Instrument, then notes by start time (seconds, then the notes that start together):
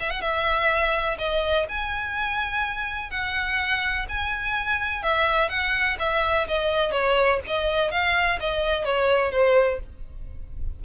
violin
0.00 E5
0.11 F#5
0.21 E5
1.18 D#5
1.69 G#5
3.11 F#5
4.09 G#5
5.03 E5
5.49 F#5
5.99 E5
6.48 D#5
6.92 C#5
7.47 D#5
7.91 F5
8.40 D#5
8.85 C#5
9.32 C5